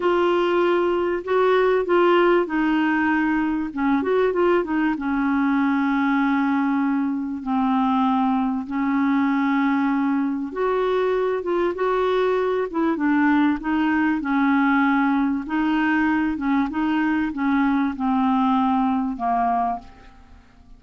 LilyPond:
\new Staff \with { instrumentName = "clarinet" } { \time 4/4 \tempo 4 = 97 f'2 fis'4 f'4 | dis'2 cis'8 fis'8 f'8 dis'8 | cis'1 | c'2 cis'2~ |
cis'4 fis'4. f'8 fis'4~ | fis'8 e'8 d'4 dis'4 cis'4~ | cis'4 dis'4. cis'8 dis'4 | cis'4 c'2 ais4 | }